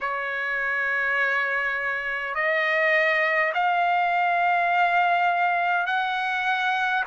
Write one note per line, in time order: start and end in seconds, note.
0.01 2.35 C#5
2.35 3.52 D#5
3.53 5.86 F5
5.86 7.04 F#5